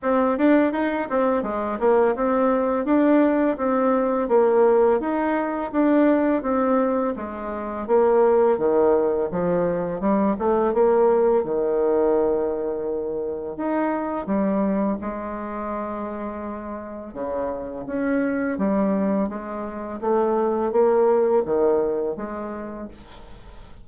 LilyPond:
\new Staff \with { instrumentName = "bassoon" } { \time 4/4 \tempo 4 = 84 c'8 d'8 dis'8 c'8 gis8 ais8 c'4 | d'4 c'4 ais4 dis'4 | d'4 c'4 gis4 ais4 | dis4 f4 g8 a8 ais4 |
dis2. dis'4 | g4 gis2. | cis4 cis'4 g4 gis4 | a4 ais4 dis4 gis4 | }